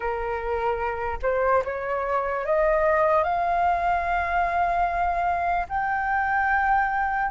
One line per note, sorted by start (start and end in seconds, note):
0.00 1.18 A#4
1.22 1.63 C5
1.64 2.45 C#5
2.45 3.23 D#5
3.23 5.66 F5
5.69 7.31 G5